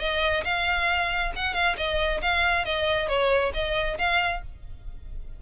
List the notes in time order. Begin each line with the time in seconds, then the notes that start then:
0.00 D#5
0.44 F5
1.36 F#5
1.54 F5
1.77 D#5
2.22 F5
2.65 D#5
3.08 C#5
3.54 D#5
3.98 F5